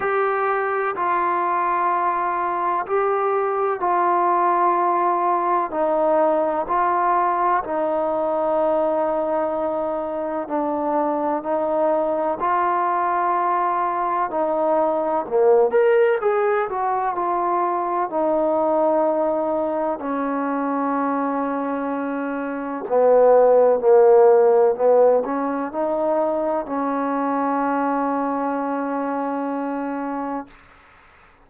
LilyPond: \new Staff \with { instrumentName = "trombone" } { \time 4/4 \tempo 4 = 63 g'4 f'2 g'4 | f'2 dis'4 f'4 | dis'2. d'4 | dis'4 f'2 dis'4 |
ais8 ais'8 gis'8 fis'8 f'4 dis'4~ | dis'4 cis'2. | b4 ais4 b8 cis'8 dis'4 | cis'1 | }